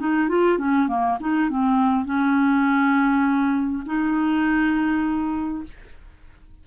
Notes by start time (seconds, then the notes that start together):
0.00 D#4
0.29 F4
0.59 C#4
0.89 A#3
1.21 D#4
1.50 C4
2.05 C#4
3.86 D#4